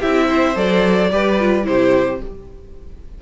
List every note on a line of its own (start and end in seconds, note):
0.00 0.56 C4
0.00 0.55 E4
0.00 0.28 G4
0.00 0.57 E5
0.28 1.11 C5
0.55 1.11 F#3
0.55 1.10 A4
0.55 1.66 D5
1.11 1.65 G3
1.11 1.39 G4
1.11 1.67 B4
1.39 1.63 F4
1.63 2.20 C3
1.63 2.18 E4
1.63 2.22 G4
1.63 2.21 C5